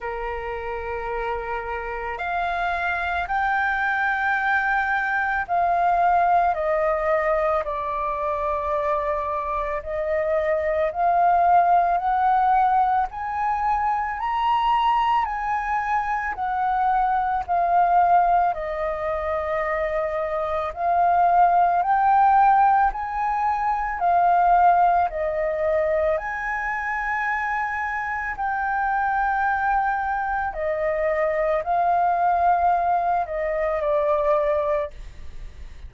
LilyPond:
\new Staff \with { instrumentName = "flute" } { \time 4/4 \tempo 4 = 55 ais'2 f''4 g''4~ | g''4 f''4 dis''4 d''4~ | d''4 dis''4 f''4 fis''4 | gis''4 ais''4 gis''4 fis''4 |
f''4 dis''2 f''4 | g''4 gis''4 f''4 dis''4 | gis''2 g''2 | dis''4 f''4. dis''8 d''4 | }